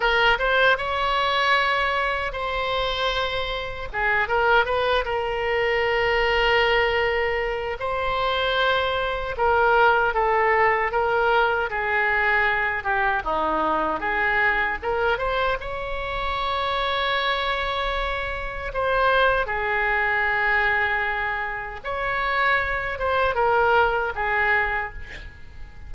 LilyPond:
\new Staff \with { instrumentName = "oboe" } { \time 4/4 \tempo 4 = 77 ais'8 c''8 cis''2 c''4~ | c''4 gis'8 ais'8 b'8 ais'4.~ | ais'2 c''2 | ais'4 a'4 ais'4 gis'4~ |
gis'8 g'8 dis'4 gis'4 ais'8 c''8 | cis''1 | c''4 gis'2. | cis''4. c''8 ais'4 gis'4 | }